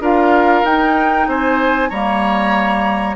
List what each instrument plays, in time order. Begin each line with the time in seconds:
0.00 bassoon D4, clarinet F4, oboe A#4, flute F5
0.64 bassoon D#4, clarinet D#4, flute G5
1.27 bassoon C4, oboe C5, flute G#5
1.90 bassoon G3, clarinet A#3, oboe C#5, flute A#5